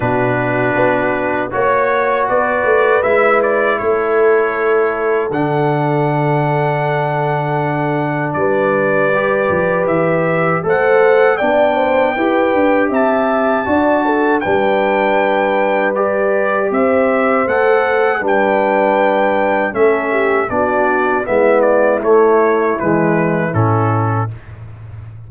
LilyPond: <<
  \new Staff \with { instrumentName = "trumpet" } { \time 4/4 \tempo 4 = 79 b'2 cis''4 d''4 | e''8 d''8 cis''2 fis''4~ | fis''2. d''4~ | d''4 e''4 fis''4 g''4~ |
g''4 a''2 g''4~ | g''4 d''4 e''4 fis''4 | g''2 e''4 d''4 | e''8 d''8 cis''4 b'4 a'4 | }
  \new Staff \with { instrumentName = "horn" } { \time 4/4 fis'2 cis''4 b'4~ | b'4 a'2.~ | a'2. b'4~ | b'2 c''4 d''8 c''8 |
b'4 e''4 d''8 a'8 b'4~ | b'2 c''2 | b'2 a'8 g'8 fis'4 | e'1 | }
  \new Staff \with { instrumentName = "trombone" } { \time 4/4 d'2 fis'2 | e'2. d'4~ | d'1 | g'2 a'4 d'4 |
g'2 fis'4 d'4~ | d'4 g'2 a'4 | d'2 cis'4 d'4 | b4 a4 gis4 cis'4 | }
  \new Staff \with { instrumentName = "tuba" } { \time 4/4 b,4 b4 ais4 b8 a8 | gis4 a2 d4~ | d2. g4~ | g8 f8 e4 a4 b4 |
e'8 d'8 c'4 d'4 g4~ | g2 c'4 a4 | g2 a4 b4 | gis4 a4 e4 a,4 | }
>>